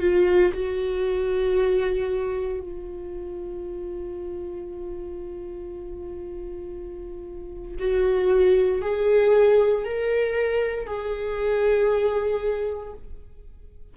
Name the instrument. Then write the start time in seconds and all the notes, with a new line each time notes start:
viola
0.00 F4
0.53 F#4
2.60 F4
7.79 F#4
8.81 G#4
9.85 A#4
10.86 G#4